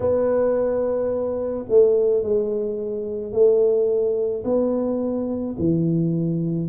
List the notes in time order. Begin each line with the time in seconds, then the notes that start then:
0.00 B3
1.69 A3
2.22 G#3
3.32 A3
4.44 B3
5.58 E3